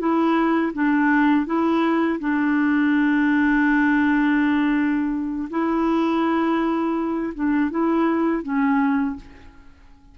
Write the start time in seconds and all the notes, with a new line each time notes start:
0.00 E4
0.74 D4
1.46 E4
2.20 D4
5.50 E4
7.35 D4
7.71 E4
8.43 C#4